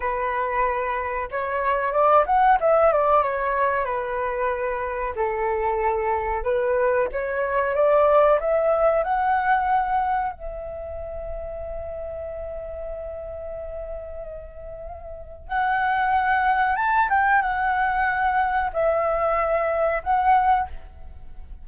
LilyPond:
\new Staff \with { instrumentName = "flute" } { \time 4/4 \tempo 4 = 93 b'2 cis''4 d''8 fis''8 | e''8 d''8 cis''4 b'2 | a'2 b'4 cis''4 | d''4 e''4 fis''2 |
e''1~ | e''1 | fis''2 a''8 g''8 fis''4~ | fis''4 e''2 fis''4 | }